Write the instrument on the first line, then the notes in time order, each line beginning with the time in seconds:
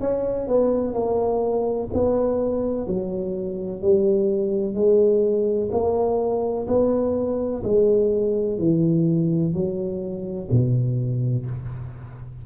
tuba
0.00 C#4
0.47 B3
0.93 A#3
1.93 B3
2.87 F#3
3.81 G3
4.74 G#3
5.71 A#3
6.68 B3
7.63 G#3
8.58 E3
9.53 F#3
10.51 B2